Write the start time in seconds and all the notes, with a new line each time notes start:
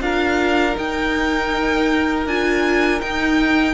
0.00 D4 F4 A#4 F5
0.74 D#4 G5
2.27 D4 F4 G#5
3.01 D#4 G5